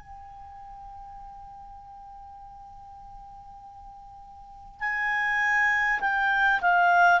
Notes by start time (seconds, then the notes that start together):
0.00 G5
4.79 G#5
6.00 G5
6.61 F5